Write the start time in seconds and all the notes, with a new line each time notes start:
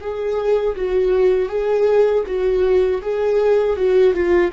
0.00 G#4
0.75 F#4
1.49 G#4
2.26 F#4
3.01 G#4
3.76 F#4
4.14 F4